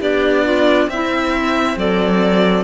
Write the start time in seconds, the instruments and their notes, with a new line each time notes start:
0.00 cello B3 D4, clarinet G4, violin D5
0.44 clarinet F4
0.87 cello C4, violin E5
0.93 clarinet E4
1.77 cello F#3, clarinet A4, violin D5